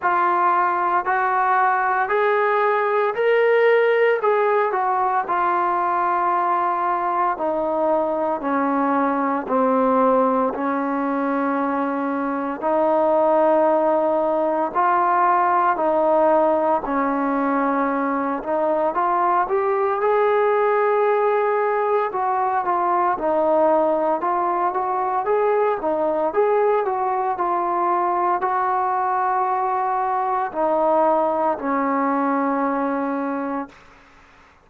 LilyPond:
\new Staff \with { instrumentName = "trombone" } { \time 4/4 \tempo 4 = 57 f'4 fis'4 gis'4 ais'4 | gis'8 fis'8 f'2 dis'4 | cis'4 c'4 cis'2 | dis'2 f'4 dis'4 |
cis'4. dis'8 f'8 g'8 gis'4~ | gis'4 fis'8 f'8 dis'4 f'8 fis'8 | gis'8 dis'8 gis'8 fis'8 f'4 fis'4~ | fis'4 dis'4 cis'2 | }